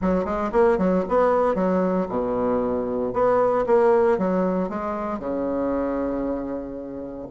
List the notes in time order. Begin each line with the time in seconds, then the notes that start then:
0.01 F#3
0.24 G#3
0.51 A#3
0.78 F#3
1.08 B3
1.55 F#3
2.08 B2
3.13 B3
3.66 A#3
4.18 F#3
4.69 G#3
5.19 C#3